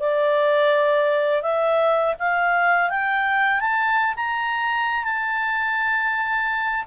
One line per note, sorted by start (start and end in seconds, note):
0.00 1.43 D5
1.43 2.15 E5
2.19 2.90 F5
2.90 3.60 G5
3.60 4.15 A5
4.17 5.05 A#5
5.05 6.85 A5